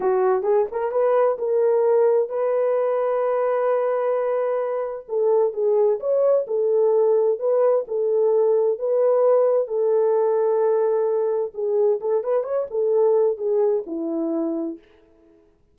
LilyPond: \new Staff \with { instrumentName = "horn" } { \time 4/4 \tempo 4 = 130 fis'4 gis'8 ais'8 b'4 ais'4~ | ais'4 b'2.~ | b'2. a'4 | gis'4 cis''4 a'2 |
b'4 a'2 b'4~ | b'4 a'2.~ | a'4 gis'4 a'8 b'8 cis''8 a'8~ | a'4 gis'4 e'2 | }